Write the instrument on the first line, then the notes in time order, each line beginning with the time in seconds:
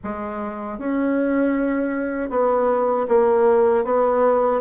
bassoon
0.03 G#3
0.78 C#4
2.29 B3
3.08 A#3
3.84 B3